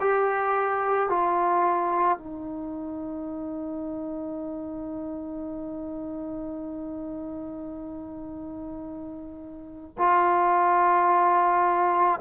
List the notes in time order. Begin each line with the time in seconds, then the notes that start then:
0.00 G4
1.09 F4
2.17 D#4
9.97 F4